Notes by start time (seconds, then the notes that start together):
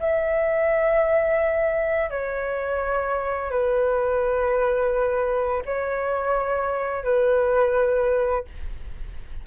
0.00 E5
2.10 C#5
3.51 B4
5.66 C#5
7.04 B4